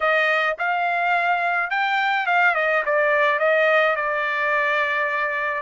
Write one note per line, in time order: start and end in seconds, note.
0.00 0.56 D#5
0.58 1.70 F5
1.70 2.26 G5
2.26 2.54 F5
2.54 2.83 D#5
2.85 3.39 D5
3.39 3.95 D#5
3.95 5.62 D5